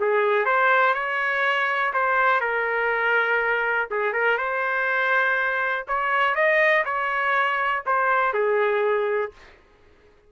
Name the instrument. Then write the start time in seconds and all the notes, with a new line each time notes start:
trumpet
0.00 G#4
0.45 C5
0.94 C#5
1.93 C5
2.40 A#4
3.90 G#4
4.13 A#4
4.38 C5
5.87 C#5
6.35 D#5
6.85 C#5
7.86 C5
8.33 G#4